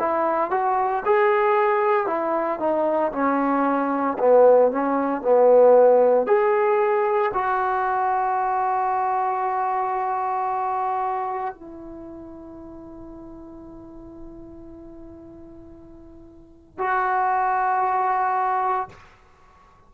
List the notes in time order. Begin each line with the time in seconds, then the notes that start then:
0.00 E4
0.51 F#4
1.06 G#4
2.07 E4
2.60 D#4
3.13 C#4
4.19 B3
4.72 C#4
5.22 B3
6.27 G#4
7.34 F#4
11.55 E4
16.79 F#4